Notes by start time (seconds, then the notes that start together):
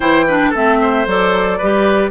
0.00 E3 E4 C5 G5
0.27 D4 B4
0.50 A3 C4 A4 E5
0.81 C5
1.06 F#3 A4 D5
1.57 G3 G4 B4